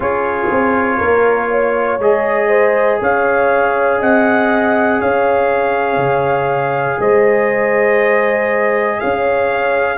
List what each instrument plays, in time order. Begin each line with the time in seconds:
0.00 tuba C#4, trombone F4, horn G#4, trumpet C#5
0.50 tuba C4
0.97 tuba A#3, horn A#4
1.50 horn C#5
1.98 tuba G#3, trombone G#4, trumpet D#5
2.48 horn C5
3.00 tuba C#4, horn C#5, trumpet F5
3.99 tuba C4, horn D#5, trumpet F#5
4.99 tuba C#4, horn C#5, trumpet F5
5.96 tuba C#3
6.99 tuba G#3, horn C5, trumpet D#5
9.00 tuba C#4, horn C#5, trumpet F5